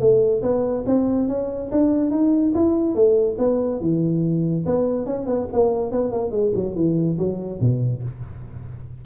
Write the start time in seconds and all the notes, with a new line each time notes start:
0.00 A3
0.42 B3
0.87 C4
1.29 C#4
1.72 D4
2.11 D#4
2.55 E4
2.95 A3
3.39 B3
3.81 E3
4.66 B3
5.06 C#4
5.27 B3
5.53 A#3
5.92 B3
6.12 A#3
6.31 G#3
6.55 F#3
6.76 E3
7.19 F#3
7.61 B2